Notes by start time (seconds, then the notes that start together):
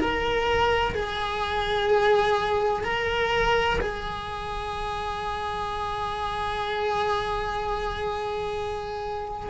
0.00 A#4
0.95 G#4
2.84 A#4
3.81 G#4